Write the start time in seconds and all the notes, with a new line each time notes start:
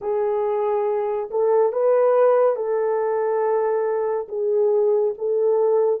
0.01 G#4
1.30 A4
1.72 B4
2.56 A4
4.28 G#4
5.17 A4